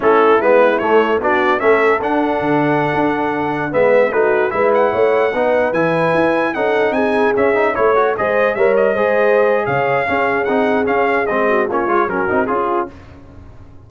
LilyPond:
<<
  \new Staff \with { instrumentName = "trumpet" } { \time 4/4 \tempo 4 = 149 a'4 b'4 cis''4 d''4 | e''4 fis''2.~ | fis''4~ fis''16 e''4 b'4 e''8 fis''16~ | fis''2~ fis''16 gis''4.~ gis''16~ |
gis''16 fis''4 gis''4 e''4 cis''8.~ | cis''16 dis''4 e''8 dis''2~ dis''16 | f''2 fis''4 f''4 | dis''4 cis''4 ais'4 gis'4 | }
  \new Staff \with { instrumentName = "horn" } { \time 4/4 e'2. fis'4 | a'1~ | a'4~ a'16 b'4 fis'4 b'8.~ | b'16 cis''4 b'2~ b'8.~ |
b'16 a'4 gis'2 cis''8.~ | cis''16 c''4 cis''4 c''4.~ c''16 | cis''4 gis'2.~ | gis'8 fis'8 f'4 fis'4 f'4 | }
  \new Staff \with { instrumentName = "trombone" } { \time 4/4 cis'4 b4 a4 d'4 | cis'4 d'2.~ | d'4~ d'16 b4 dis'4 e'8.~ | e'4~ e'16 dis'4 e'4.~ e'16~ |
e'16 dis'2 cis'8 dis'8 e'8 fis'16~ | fis'16 gis'4 ais'4 gis'4.~ gis'16~ | gis'4 cis'4 dis'4 cis'4 | c'4 cis'8 f'8 cis'8 dis'8 f'4 | }
  \new Staff \with { instrumentName = "tuba" } { \time 4/4 a4 gis4 a4 b4 | a4 d'4 d4~ d16 d'8.~ | d'4~ d'16 gis4 a4 gis8.~ | gis16 a4 b4 e4 e'8.~ |
e'16 cis'4 c'4 cis'4 a8.~ | a16 gis4 g4 gis4.~ gis16 | cis4 cis'4 c'4 cis'4 | gis4 ais8 gis8 fis8 c'8 cis'4 | }
>>